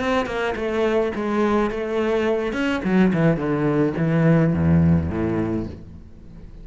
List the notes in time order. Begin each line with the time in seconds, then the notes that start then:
0.00 C4
0.26 A#3
0.56 A3
1.15 G#3
1.71 A3
2.53 C#4
2.84 F#3
3.14 E3
3.37 D3
3.98 E3
4.54 E2
5.10 A2